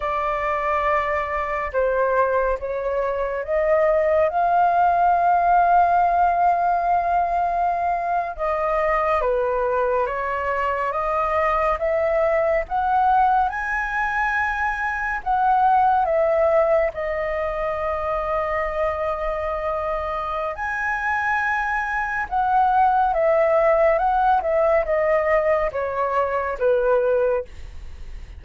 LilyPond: \new Staff \with { instrumentName = "flute" } { \time 4/4 \tempo 4 = 70 d''2 c''4 cis''4 | dis''4 f''2.~ | f''4.~ f''16 dis''4 b'4 cis''16~ | cis''8. dis''4 e''4 fis''4 gis''16~ |
gis''4.~ gis''16 fis''4 e''4 dis''16~ | dis''1 | gis''2 fis''4 e''4 | fis''8 e''8 dis''4 cis''4 b'4 | }